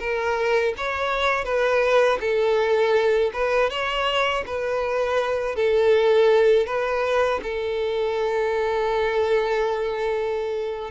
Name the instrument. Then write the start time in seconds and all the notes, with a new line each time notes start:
violin
0.00 A#4
0.77 C#5
1.45 B4
2.21 A4
3.34 B4
3.70 C#5
4.47 B4
5.56 A4
6.67 B4
7.43 A4